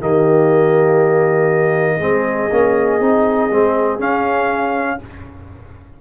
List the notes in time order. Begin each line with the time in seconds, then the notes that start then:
0.00 D#3 A#3 G4 D#5
1.97 G#3 C4 G#4
2.51 A#3 C#4
3.00 C4 D#4
3.51 G#3 C4
3.99 C#4 F5